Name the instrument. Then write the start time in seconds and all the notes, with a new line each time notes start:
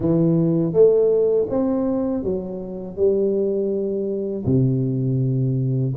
tuba
0.00 E3
0.73 A3
1.49 C4
2.23 F#3
2.96 G3
4.45 C3